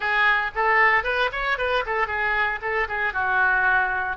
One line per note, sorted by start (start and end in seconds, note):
0.00 0.51 G#4
0.55 1.03 A4
1.03 1.29 B4
1.32 1.57 C#5
1.57 1.84 B4
1.85 2.07 A4
2.07 2.59 G#4
2.61 2.87 A4
2.88 3.13 G#4
3.13 4.16 F#4